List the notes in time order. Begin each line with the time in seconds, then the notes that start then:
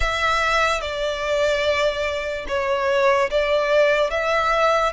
0.00 E5
0.81 D5
2.47 C#5
3.30 D5
4.10 E5